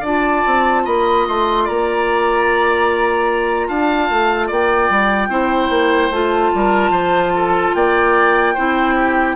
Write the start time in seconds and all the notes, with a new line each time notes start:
0.00 D4 F4 D5 A5
0.46 C4
0.85 A#3 D#5 B5
1.28 A3 C6
1.64 A#3 D5 A#5
3.68 D4 F5 A5
4.09 A3
4.47 A#3 D5 G5
4.89 G3
5.28 C4 E4 C5
5.69 A#3
6.10 A3 F4 A5
6.54 G3 A#4
6.90 F3 C5
7.35 A4
7.75 A#3 D5 G5
8.54 C4 E4 C5
8.96 G4